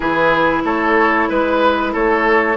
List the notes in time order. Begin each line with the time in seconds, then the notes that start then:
0.00 E3 E4 G#4 B4
0.64 A3 A4 C#5
1.28 G#3 B4
1.92 A3 A4 C#5